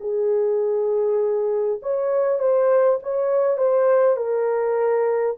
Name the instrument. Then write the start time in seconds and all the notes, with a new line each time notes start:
horn
0.00 G#4
1.82 C#5
2.39 C5
3.03 C#5
3.57 C5
4.17 A#4